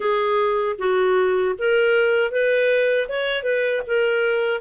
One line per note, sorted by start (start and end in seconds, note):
0.00 0.76 G#4
0.78 1.55 F#4
1.58 2.31 A#4
2.31 3.08 B4
3.08 3.43 C#5
3.43 3.81 B4
3.86 4.60 A#4